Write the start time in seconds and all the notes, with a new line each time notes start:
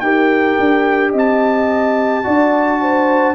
0.00 D#4 G4 A#4 G5
0.59 D4
1.11 C4 D#5
1.18 A5
2.24 D4 F#4 D5
2.82 C5